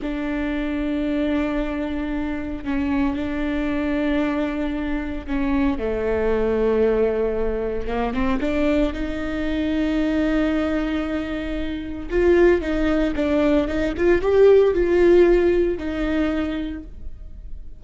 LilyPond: \new Staff \with { instrumentName = "viola" } { \time 4/4 \tempo 4 = 114 d'1~ | d'4 cis'4 d'2~ | d'2 cis'4 a4~ | a2. ais8 c'8 |
d'4 dis'2.~ | dis'2. f'4 | dis'4 d'4 dis'8 f'8 g'4 | f'2 dis'2 | }